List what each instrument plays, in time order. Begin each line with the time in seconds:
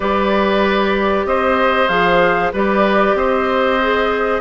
0.00 bassoon G3, clarinet G4, oboe B4, flute D5
1.25 bassoon C4, oboe C5, flute D#5
1.88 bassoon F3, clarinet G#4, flute F5
2.52 bassoon G3, clarinet G4, oboe B4, flute D5
3.14 bassoon C4, oboe C5, flute D#5
3.81 clarinet G#4